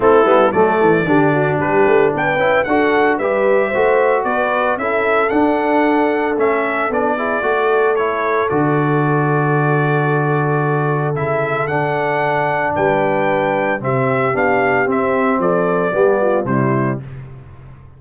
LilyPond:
<<
  \new Staff \with { instrumentName = "trumpet" } { \time 4/4 \tempo 4 = 113 a'4 d''2 b'4 | g''4 fis''4 e''2 | d''4 e''4 fis''2 | e''4 d''2 cis''4 |
d''1~ | d''4 e''4 fis''2 | g''2 e''4 f''4 | e''4 d''2 c''4 | }
  \new Staff \with { instrumentName = "horn" } { \time 4/4 e'4 a'4 g'8 fis'8 g'4 | b'4 a'4 b'4 c''4 | b'4 a'2.~ | a'4. gis'8 a'2~ |
a'1~ | a'1 | b'2 g'2~ | g'4 a'4 g'8 f'8 e'4 | }
  \new Staff \with { instrumentName = "trombone" } { \time 4/4 c'8 b8 a4 d'2~ | d'8 e'8 fis'4 g'4 fis'4~ | fis'4 e'4 d'2 | cis'4 d'8 e'8 fis'4 e'4 |
fis'1~ | fis'4 e'4 d'2~ | d'2 c'4 d'4 | c'2 b4 g4 | }
  \new Staff \with { instrumentName = "tuba" } { \time 4/4 a8 g8 fis8 e8 d4 g8 a8 | b8 cis'8 d'4 g4 a4 | b4 cis'4 d'2 | a4 b4 a2 |
d1~ | d4 cis4 d2 | g2 c4 b4 | c'4 f4 g4 c4 | }
>>